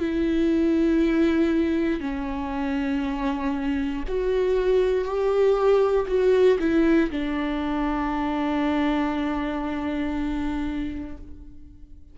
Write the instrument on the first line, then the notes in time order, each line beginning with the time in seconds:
viola
0.00 E4
2.01 C#4
4.08 F#4
5.05 G4
6.08 F#4
6.60 E4
7.11 D4